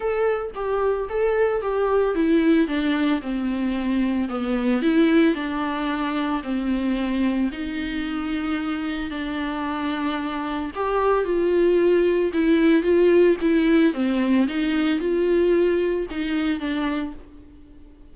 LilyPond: \new Staff \with { instrumentName = "viola" } { \time 4/4 \tempo 4 = 112 a'4 g'4 a'4 g'4 | e'4 d'4 c'2 | b4 e'4 d'2 | c'2 dis'2~ |
dis'4 d'2. | g'4 f'2 e'4 | f'4 e'4 c'4 dis'4 | f'2 dis'4 d'4 | }